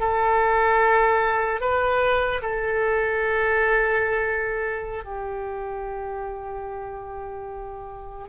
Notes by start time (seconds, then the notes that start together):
0.00 A4
1.61 B4
2.43 A4
5.05 G4